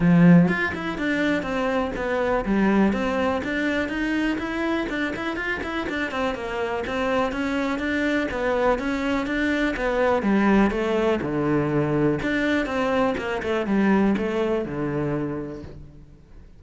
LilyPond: \new Staff \with { instrumentName = "cello" } { \time 4/4 \tempo 4 = 123 f4 f'8 e'8 d'4 c'4 | b4 g4 c'4 d'4 | dis'4 e'4 d'8 e'8 f'8 e'8 | d'8 c'8 ais4 c'4 cis'4 |
d'4 b4 cis'4 d'4 | b4 g4 a4 d4~ | d4 d'4 c'4 ais8 a8 | g4 a4 d2 | }